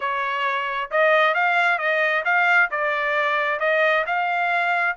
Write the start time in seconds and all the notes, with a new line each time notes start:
0.00 C#5
0.90 D#5
1.34 F5
1.78 D#5
2.24 F5
2.70 D5
3.59 D#5
4.06 F5